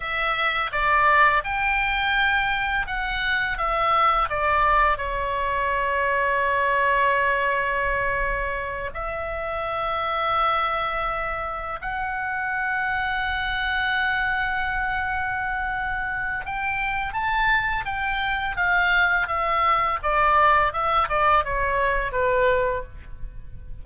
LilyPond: \new Staff \with { instrumentName = "oboe" } { \time 4/4 \tempo 4 = 84 e''4 d''4 g''2 | fis''4 e''4 d''4 cis''4~ | cis''1~ | cis''8 e''2.~ e''8~ |
e''8 fis''2.~ fis''8~ | fis''2. g''4 | a''4 g''4 f''4 e''4 | d''4 e''8 d''8 cis''4 b'4 | }